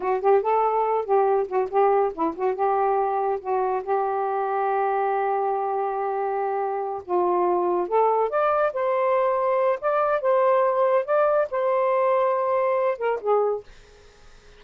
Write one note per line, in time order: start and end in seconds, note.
0.00 0.21 F#4
0.21 0.42 G4
0.42 1.05 A4
1.05 1.47 G4
1.47 1.69 F#4
1.70 2.12 G4
2.14 2.35 E4
2.35 2.54 F#4
2.54 3.39 G4
3.40 3.82 F#4
3.83 7.02 G4
7.04 7.88 F4
7.88 8.29 A4
8.29 8.72 D5
8.73 9.79 C5
9.80 10.21 D5
10.21 11.05 C5
11.05 11.48 D5
11.50 12.98 C5
12.98 13.19 A#4
13.21 13.63 G#4